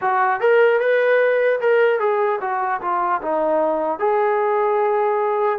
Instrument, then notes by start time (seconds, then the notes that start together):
trombone
0.01 F#4
0.40 A#4
0.80 B4
1.60 A#4
1.99 G#4
2.40 F#4
2.81 F4
3.22 D#4
3.99 G#4